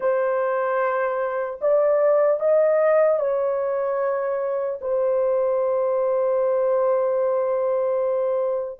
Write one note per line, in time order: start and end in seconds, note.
0.00 1.59 C5
1.61 2.40 D5
2.40 3.19 D#5
3.19 4.79 C#5
4.81 8.79 C5